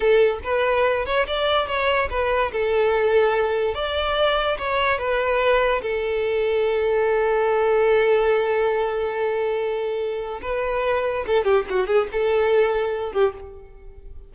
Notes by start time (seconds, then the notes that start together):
0.00 A4
0.43 B4
1.05 C#5
1.27 D5
1.67 C#5
2.10 B4
2.52 A4
3.74 D5
4.57 C#5
4.98 B4
5.82 A4
10.41 B4
11.26 A4
11.44 G4
11.69 F#4
11.86 G#4
12.12 A4
13.12 G4